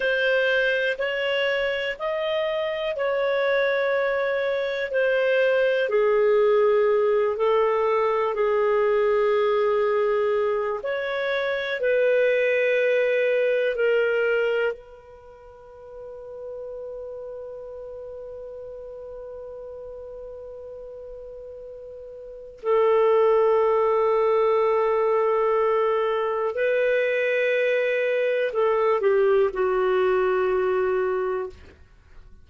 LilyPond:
\new Staff \with { instrumentName = "clarinet" } { \time 4/4 \tempo 4 = 61 c''4 cis''4 dis''4 cis''4~ | cis''4 c''4 gis'4. a'8~ | a'8 gis'2~ gis'8 cis''4 | b'2 ais'4 b'4~ |
b'1~ | b'2. a'4~ | a'2. b'4~ | b'4 a'8 g'8 fis'2 | }